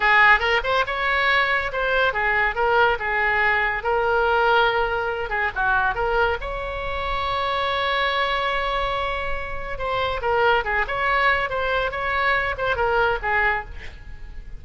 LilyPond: \new Staff \with { instrumentName = "oboe" } { \time 4/4 \tempo 4 = 141 gis'4 ais'8 c''8 cis''2 | c''4 gis'4 ais'4 gis'4~ | gis'4 ais'2.~ | ais'8 gis'8 fis'4 ais'4 cis''4~ |
cis''1~ | cis''2. c''4 | ais'4 gis'8 cis''4. c''4 | cis''4. c''8 ais'4 gis'4 | }